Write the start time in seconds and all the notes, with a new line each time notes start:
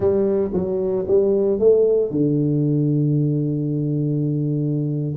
0.00 G3
0.53 F#3
1.07 G3
1.59 A3
2.10 D3